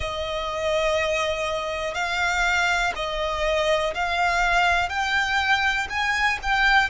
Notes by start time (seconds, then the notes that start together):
0.00 D#5
1.94 F5
2.95 D#5
3.94 F5
4.89 G5
5.89 G#5
6.42 G5